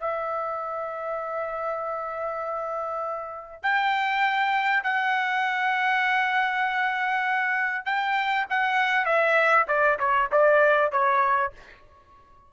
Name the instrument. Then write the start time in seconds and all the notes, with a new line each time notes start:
trumpet
0.00 E5
3.63 G5
4.84 F#5
7.86 G5
8.50 F#5
9.06 E5
9.68 D5
9.99 C#5
10.32 D5
10.92 C#5